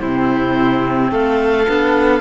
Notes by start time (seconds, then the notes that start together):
0.00 C3 C4 E4 C5
1.11 A3 A4 F5
1.66 B3 D4